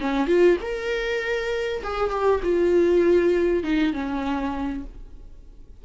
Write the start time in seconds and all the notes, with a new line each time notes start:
0.00 C#4
0.27 F4
0.61 A#4
1.83 G#4
2.10 G4
2.43 F4
3.63 D#4
3.93 C#4